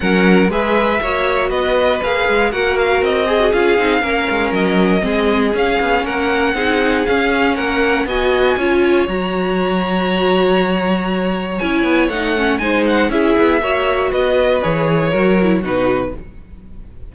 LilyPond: <<
  \new Staff \with { instrumentName = "violin" } { \time 4/4 \tempo 4 = 119 fis''4 e''2 dis''4 | f''4 fis''8 f''8 dis''4 f''4~ | f''4 dis''2 f''4 | fis''2 f''4 fis''4 |
gis''2 ais''2~ | ais''2. gis''4 | fis''4 gis''8 fis''8 e''2 | dis''4 cis''2 b'4 | }
  \new Staff \with { instrumentName = "violin" } { \time 4/4 ais'4 b'4 cis''4 b'4~ | b'4 ais'4. gis'4. | ais'2 gis'2 | ais'4 gis'2 ais'4 |
dis''4 cis''2.~ | cis''1~ | cis''4 c''4 gis'4 cis''4 | b'2 ais'4 fis'4 | }
  \new Staff \with { instrumentName = "viola" } { \time 4/4 cis'4 gis'4 fis'2 | gis'4 fis'4. gis'16 fis'16 f'8 dis'8 | cis'2 c'4 cis'4~ | cis'4 dis'4 cis'2 |
fis'4 f'4 fis'2~ | fis'2. e'4 | dis'8 cis'8 dis'4 e'4 fis'4~ | fis'4 gis'4 fis'8 e'8 dis'4 | }
  \new Staff \with { instrumentName = "cello" } { \time 4/4 fis4 gis4 ais4 b4 | ais8 gis8 ais4 c'4 cis'8 c'8 | ais8 gis8 fis4 gis4 cis'8 b8 | ais4 c'4 cis'4 ais4 |
b4 cis'4 fis2~ | fis2. cis'8 b8 | a4 gis4 cis'8 b8 ais4 | b4 e4 fis4 b,4 | }
>>